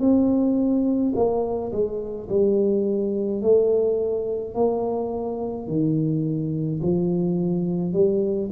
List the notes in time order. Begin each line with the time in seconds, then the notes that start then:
0.00 C4
1.16 A#3
1.72 G#3
2.30 G3
3.42 A3
4.55 A#3
5.68 D#3
6.83 F3
7.93 G3